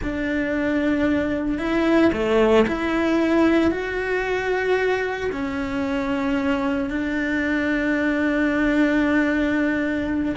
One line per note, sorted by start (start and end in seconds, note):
0.02 1.58 D4
1.58 2.11 E4
2.12 2.65 A3
2.67 3.71 E4
3.71 5.30 F#4
5.32 6.90 C#4
6.90 10.35 D4